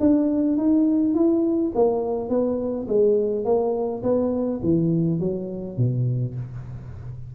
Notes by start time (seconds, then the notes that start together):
0.00 D4
0.57 D#4
1.14 E4
1.75 A#3
2.29 B3
2.88 G#3
3.45 A#3
4.03 B3
4.63 E3
5.19 F#3
5.77 B2